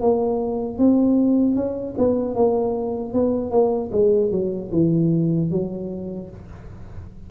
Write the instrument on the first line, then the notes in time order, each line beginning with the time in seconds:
tuba
0.00 A#3
0.78 C4
1.55 C#4
1.97 B3
2.35 A#3
3.13 B3
3.51 A#3
3.92 G#3
4.31 F#3
4.71 E3
5.50 F#3